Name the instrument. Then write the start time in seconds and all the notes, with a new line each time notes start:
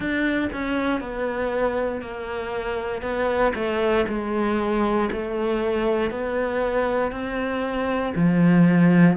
cello
0.00 D4
0.52 C#4
1.00 B3
2.01 A#3
3.01 B3
3.54 A3
4.07 G#3
5.11 A3
6.11 B3
7.11 C4
8.15 F3